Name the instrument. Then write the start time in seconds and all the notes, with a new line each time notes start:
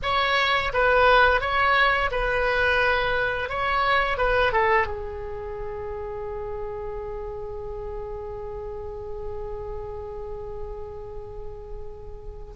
oboe
0.02 C#5
0.73 B4
1.40 C#5
2.11 B4
3.49 C#5
4.17 B4
4.52 A4
4.86 G#4